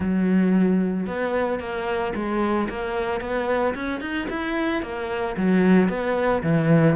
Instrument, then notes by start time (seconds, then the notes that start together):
cello
0.00 F#3
1.06 B3
1.59 A#3
2.15 G#3
2.69 A#3
3.20 B3
3.74 C#4
4.01 D#4
4.29 E4
4.82 A#3
5.36 F#3
5.89 B3
6.43 E3